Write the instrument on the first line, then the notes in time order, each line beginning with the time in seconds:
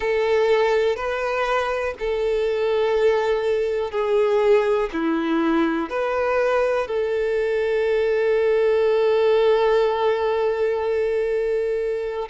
violin
0.00 A4
0.96 B4
1.99 A4
3.91 G#4
4.92 E4
5.89 B4
6.87 A4